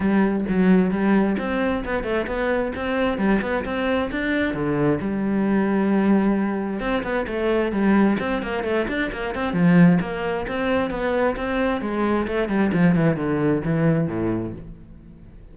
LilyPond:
\new Staff \with { instrumentName = "cello" } { \time 4/4 \tempo 4 = 132 g4 fis4 g4 c'4 | b8 a8 b4 c'4 g8 b8 | c'4 d'4 d4 g4~ | g2. c'8 b8 |
a4 g4 c'8 ais8 a8 d'8 | ais8 c'8 f4 ais4 c'4 | b4 c'4 gis4 a8 g8 | f8 e8 d4 e4 a,4 | }